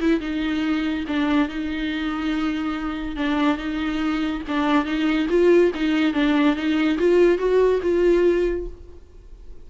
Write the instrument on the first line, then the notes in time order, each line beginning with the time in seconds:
viola
0.00 E4
0.20 D#4
1.07 D4
1.49 D#4
3.16 D4
3.57 D#4
4.48 D4
4.85 D#4
5.29 F4
5.74 D#4
6.13 D4
6.56 D#4
6.98 F4
7.38 F#4
7.82 F4